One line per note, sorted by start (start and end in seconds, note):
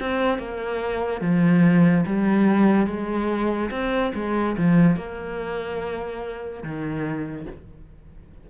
0.00 0.39 C4
0.39 1.22 A#3
1.22 2.05 F3
2.06 2.87 G3
2.87 3.70 G#3
3.71 4.13 C4
4.15 4.57 G#3
4.58 4.97 F3
4.97 6.63 A#3
6.63 7.47 D#3